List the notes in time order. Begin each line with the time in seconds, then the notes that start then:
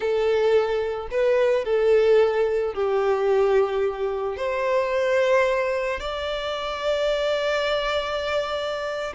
0.00 A4
1.11 B4
1.65 A4
2.73 G4
4.37 C5
6.00 D5